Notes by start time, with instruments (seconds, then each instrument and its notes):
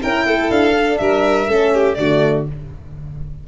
0.00 tuba C#4, horn E4, violin A#4 G5
0.26 tuba A3, violin A4
0.51 tuba D4, violin F5
0.75 horn D4
0.98 tuba G3, violin A#4 E5
1.48 tuba A3, horn C#4, violin A4
1.74 violin G4
1.95 tuba D3, horn A3, violin F#4 D5